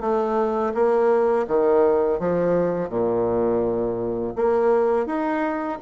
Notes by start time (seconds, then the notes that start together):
0.00 A3
0.74 A#3
1.47 D#3
2.19 F3
2.89 A#2
4.35 A#3
5.06 D#4